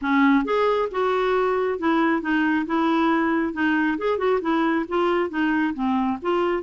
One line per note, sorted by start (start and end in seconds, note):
0.01 0.44 C#4
0.44 0.88 G#4
0.91 1.78 F#4
1.78 2.21 E4
2.21 2.65 D#4
2.66 3.53 E4
3.53 3.97 D#4
3.98 4.18 G#4
4.18 4.40 F#4
4.41 4.85 E4
4.88 5.29 F4
5.29 5.73 D#4
5.74 6.18 C4
6.22 6.62 F4